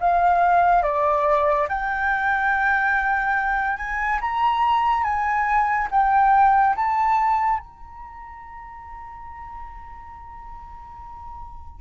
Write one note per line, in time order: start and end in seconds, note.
0.00 0.83 F5
0.83 1.67 D5
1.68 3.76 G5
3.76 4.19 G#5
4.21 5.03 A#5
5.03 5.87 G#5
5.90 6.75 G5
6.76 7.59 A5
7.59 11.80 A#5